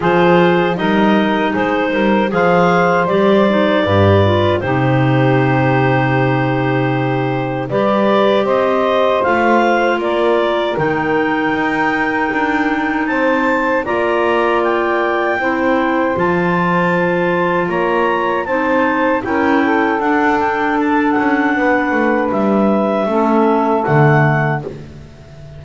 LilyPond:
<<
  \new Staff \with { instrumentName = "clarinet" } { \time 4/4 \tempo 4 = 78 c''4 dis''4 c''4 f''4 | d''2 c''2~ | c''2 d''4 dis''4 | f''4 d''4 g''2~ |
g''4 a''4 ais''4 g''4~ | g''4 a''2 ais''4 | a''4 g''4 fis''8 g''8 a''8 fis''8~ | fis''4 e''2 fis''4 | }
  \new Staff \with { instrumentName = "saxophone" } { \time 4/4 gis'4 ais'4 gis'8 ais'8 c''4~ | c''4 b'4 g'2~ | g'2 b'4 c''4~ | c''4 ais'2.~ |
ais'4 c''4 d''2 | c''2. cis''4 | c''4 ais'8 a'2~ a'8 | b'2 a'2 | }
  \new Staff \with { instrumentName = "clarinet" } { \time 4/4 f'4 dis'2 gis'4 | g'8 dis'8 g'8 f'8 dis'2~ | dis'2 g'2 | f'2 dis'2~ |
dis'2 f'2 | e'4 f'2. | dis'4 e'4 d'2~ | d'2 cis'4 a4 | }
  \new Staff \with { instrumentName = "double bass" } { \time 4/4 f4 g4 gis8 g8 f4 | g4 g,4 c2~ | c2 g4 c'4 | a4 ais4 dis4 dis'4 |
d'4 c'4 ais2 | c'4 f2 ais4 | c'4 cis'4 d'4. cis'8 | b8 a8 g4 a4 d4 | }
>>